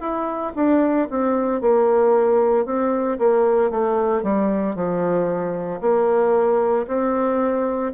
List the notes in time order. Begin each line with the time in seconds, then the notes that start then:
0.00 E4
0.56 D4
1.10 C4
1.61 A#3
2.66 C4
3.19 A#3
3.71 A3
4.23 G3
4.76 F3
5.81 A#3
6.88 C4